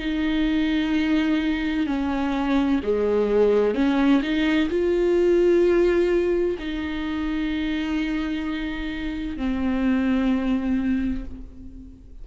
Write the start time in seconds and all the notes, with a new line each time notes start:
0.00 D#4
1.87 C#4
2.83 G#3
3.75 C#4
4.23 D#4
4.70 F4
6.60 D#4
9.37 C4